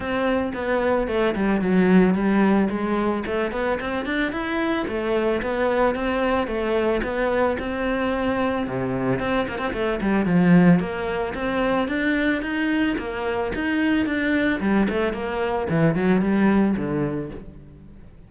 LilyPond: \new Staff \with { instrumentName = "cello" } { \time 4/4 \tempo 4 = 111 c'4 b4 a8 g8 fis4 | g4 gis4 a8 b8 c'8 d'8 | e'4 a4 b4 c'4 | a4 b4 c'2 |
c4 c'8 ais16 c'16 a8 g8 f4 | ais4 c'4 d'4 dis'4 | ais4 dis'4 d'4 g8 a8 | ais4 e8 fis8 g4 d4 | }